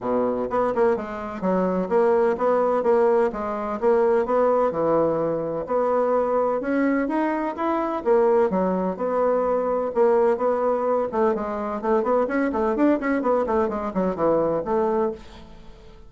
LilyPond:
\new Staff \with { instrumentName = "bassoon" } { \time 4/4 \tempo 4 = 127 b,4 b8 ais8 gis4 fis4 | ais4 b4 ais4 gis4 | ais4 b4 e2 | b2 cis'4 dis'4 |
e'4 ais4 fis4 b4~ | b4 ais4 b4. a8 | gis4 a8 b8 cis'8 a8 d'8 cis'8 | b8 a8 gis8 fis8 e4 a4 | }